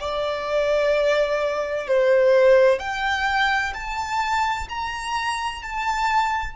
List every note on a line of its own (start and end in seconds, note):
0.00 1.87 D5
1.87 2.79 C5
2.79 3.73 G5
3.74 4.67 A5
4.69 5.62 A#5
5.62 6.56 A5